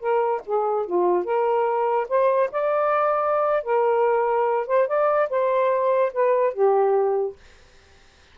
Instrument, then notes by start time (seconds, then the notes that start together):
saxophone
0.00 A#4
0.46 G#4
0.86 F4
1.24 A#4
2.09 C5
2.52 D5
3.63 A#4
4.67 C5
4.87 D5
5.29 C5
6.13 B4
6.53 G4